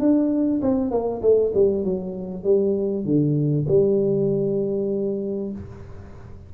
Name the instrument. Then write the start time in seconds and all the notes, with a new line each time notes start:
tuba
0.00 D4
0.62 C4
0.91 A#3
1.22 A3
1.54 G3
1.85 F#3
2.44 G3
3.05 D3
3.68 G3